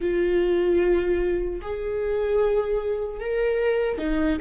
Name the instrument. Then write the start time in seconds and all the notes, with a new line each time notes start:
viola
0.00 F4
1.61 G#4
3.20 A#4
3.98 D#4